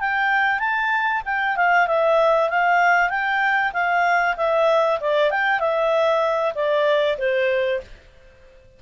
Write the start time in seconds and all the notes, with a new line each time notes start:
0.00 G5
0.59 A5
1.25 G5
1.56 F5
1.87 E5
2.49 F5
3.09 G5
3.73 F5
4.37 E5
5.00 D5
5.30 G5
5.59 E5
6.55 D5
7.18 C5